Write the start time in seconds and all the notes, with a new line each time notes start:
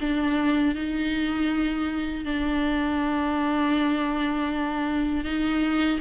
0.00 D4
0.75 D#4
2.25 D4
5.24 D#4